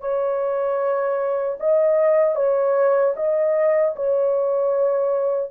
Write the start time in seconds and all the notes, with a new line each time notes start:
0.00 C#5
1.60 D#5
2.35 C#5
3.16 D#5
3.96 C#5